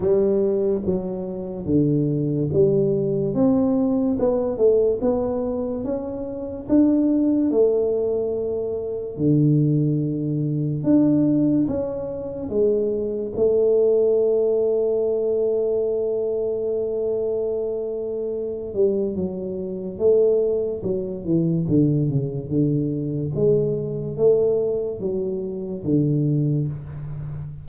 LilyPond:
\new Staff \with { instrumentName = "tuba" } { \time 4/4 \tempo 4 = 72 g4 fis4 d4 g4 | c'4 b8 a8 b4 cis'4 | d'4 a2 d4~ | d4 d'4 cis'4 gis4 |
a1~ | a2~ a8 g8 fis4 | a4 fis8 e8 d8 cis8 d4 | gis4 a4 fis4 d4 | }